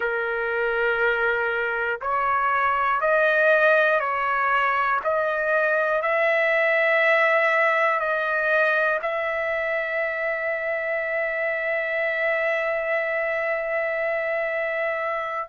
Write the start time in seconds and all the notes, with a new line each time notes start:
0.00 A#4
2.00 C#5
3.00 D#5
4.00 C#5
5.04 D#5
6.01 E5
8.00 D#5
9.01 E5